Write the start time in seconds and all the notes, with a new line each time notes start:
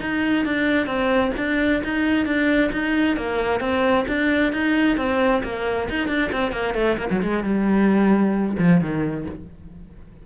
0.00 D#4
0.45 D4
0.86 C4
1.37 D4
1.84 D#4
2.26 D4
2.72 D#4
3.16 A#3
3.60 C4
4.07 D4
4.52 D#4
4.97 C4
5.43 A#3
5.89 D#4
6.08 D4
6.32 C4
6.51 A#3
6.74 A3
6.97 A#3
7.10 F#3
7.22 G#3
7.44 G3
8.58 F3
8.81 D#3